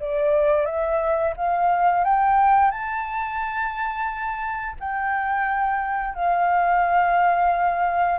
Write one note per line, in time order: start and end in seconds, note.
0.00 0.66 D5
0.66 1.34 E5
1.37 2.05 F5
2.05 2.71 G5
2.71 4.76 A5
4.80 6.15 G5
6.15 8.19 F5